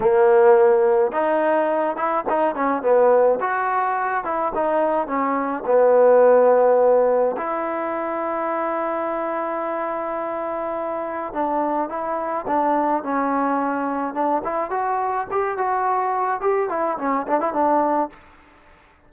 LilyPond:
\new Staff \with { instrumentName = "trombone" } { \time 4/4 \tempo 4 = 106 ais2 dis'4. e'8 | dis'8 cis'8 b4 fis'4. e'8 | dis'4 cis'4 b2~ | b4 e'2.~ |
e'1 | d'4 e'4 d'4 cis'4~ | cis'4 d'8 e'8 fis'4 g'8 fis'8~ | fis'4 g'8 e'8 cis'8 d'16 e'16 d'4 | }